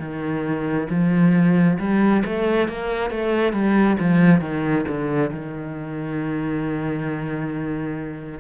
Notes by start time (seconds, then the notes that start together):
0.00 D#3
0.90 F3
1.80 G3
2.26 A3
2.69 A#3
3.11 A3
3.53 G3
4.00 F3
4.42 D#3
4.89 D3
5.31 D#3